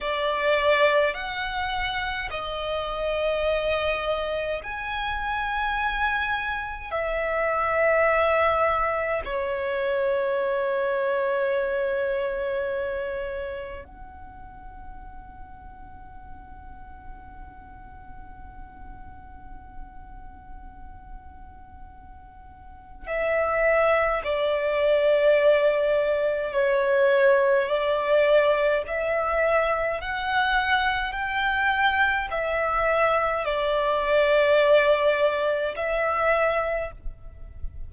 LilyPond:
\new Staff \with { instrumentName = "violin" } { \time 4/4 \tempo 4 = 52 d''4 fis''4 dis''2 | gis''2 e''2 | cis''1 | fis''1~ |
fis''1 | e''4 d''2 cis''4 | d''4 e''4 fis''4 g''4 | e''4 d''2 e''4 | }